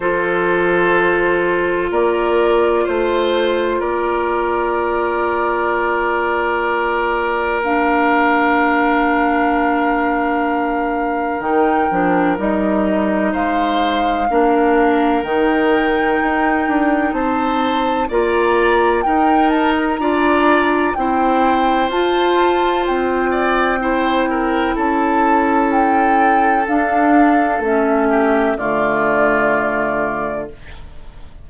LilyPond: <<
  \new Staff \with { instrumentName = "flute" } { \time 4/4 \tempo 4 = 63 c''2 d''4 c''4 | d''1 | f''1 | g''4 dis''4 f''2 |
g''2 a''4 ais''4 | g''8 a''16 ais''4~ ais''16 g''4 a''4 | g''2 a''4 g''4 | f''4 e''4 d''2 | }
  \new Staff \with { instrumentName = "oboe" } { \time 4/4 a'2 ais'4 c''4 | ais'1~ | ais'1~ | ais'2 c''4 ais'4~ |
ais'2 c''4 d''4 | ais'4 d''4 c''2~ | c''8 d''8 c''8 ais'8 a'2~ | a'4. g'8 f'2 | }
  \new Staff \with { instrumentName = "clarinet" } { \time 4/4 f'1~ | f'1 | d'1 | dis'8 d'8 dis'2 d'4 |
dis'2. f'4 | dis'4 f'4 e'4 f'4~ | f'4 e'2. | d'4 cis'4 a2 | }
  \new Staff \with { instrumentName = "bassoon" } { \time 4/4 f2 ais4 a4 | ais1~ | ais1 | dis8 f8 g4 gis4 ais4 |
dis4 dis'8 d'8 c'4 ais4 | dis'4 d'4 c'4 f'4 | c'2 cis'2 | d'4 a4 d2 | }
>>